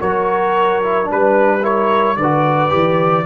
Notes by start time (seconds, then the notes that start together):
0.00 F#3 F#4 A#4 C#5
0.83 E4
1.04 G3 D4 B4
1.11 B4
1.62 E4 A#4 C#5
2.16 D3 B4 D5
2.22 F#4
2.69 E3 G4